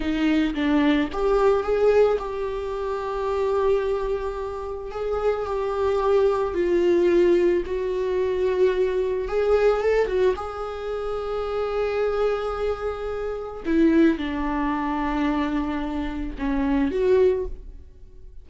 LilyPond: \new Staff \with { instrumentName = "viola" } { \time 4/4 \tempo 4 = 110 dis'4 d'4 g'4 gis'4 | g'1~ | g'4 gis'4 g'2 | f'2 fis'2~ |
fis'4 gis'4 a'8 fis'8 gis'4~ | gis'1~ | gis'4 e'4 d'2~ | d'2 cis'4 fis'4 | }